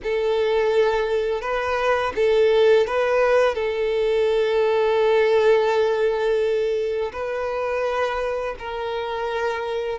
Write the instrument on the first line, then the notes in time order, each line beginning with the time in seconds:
violin
0.03 A4
1.41 B4
2.15 A4
2.86 B4
3.54 A4
7.12 B4
8.58 A#4